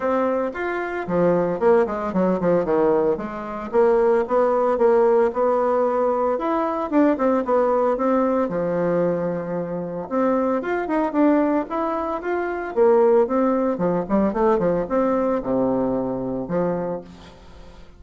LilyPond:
\new Staff \with { instrumentName = "bassoon" } { \time 4/4 \tempo 4 = 113 c'4 f'4 f4 ais8 gis8 | fis8 f8 dis4 gis4 ais4 | b4 ais4 b2 | e'4 d'8 c'8 b4 c'4 |
f2. c'4 | f'8 dis'8 d'4 e'4 f'4 | ais4 c'4 f8 g8 a8 f8 | c'4 c2 f4 | }